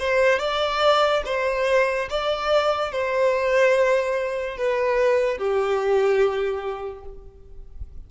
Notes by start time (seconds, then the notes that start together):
0.00 C5
0.39 D5
1.26 C5
2.10 D5
2.92 C5
4.58 B4
5.38 G4